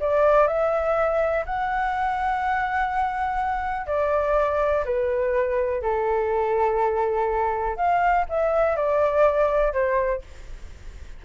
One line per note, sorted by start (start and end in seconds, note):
0.00 0.47 D5
0.47 1.45 E5
1.46 3.86 F#5
3.86 4.84 D5
4.85 5.82 B4
5.82 7.76 A4
7.76 8.25 F5
8.29 8.76 E5
8.76 9.73 D5
9.73 10.22 C5